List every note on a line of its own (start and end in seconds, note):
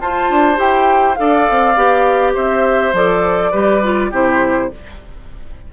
0.00 0.29 F4
0.00 0.56 F4
0.00 1.19 C5
0.00 0.59 A5
0.30 0.59 D4
0.56 1.17 E4
0.56 1.15 G4
0.56 1.15 G5
1.15 1.49 D4
1.15 1.75 A4
1.15 2.34 D5
1.15 2.32 F5
1.50 1.76 C4
1.76 2.35 B3
1.76 2.94 G4
2.34 2.93 C4
2.34 3.51 C5
2.34 2.95 E5
2.93 3.52 F3
2.93 3.53 A4
2.93 4.13 D5
3.51 4.12 G3
3.51 3.82 G4
3.51 4.10 B4
3.83 4.12 F4
4.10 4.70 C3
4.10 4.70 E4
4.10 4.69 G4
4.10 4.73 C5